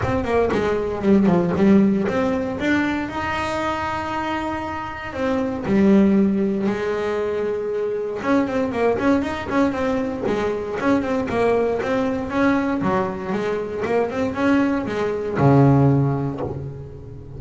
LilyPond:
\new Staff \with { instrumentName = "double bass" } { \time 4/4 \tempo 4 = 117 c'8 ais8 gis4 g8 f8 g4 | c'4 d'4 dis'2~ | dis'2 c'4 g4~ | g4 gis2. |
cis'8 c'8 ais8 cis'8 dis'8 cis'8 c'4 | gis4 cis'8 c'8 ais4 c'4 | cis'4 fis4 gis4 ais8 c'8 | cis'4 gis4 cis2 | }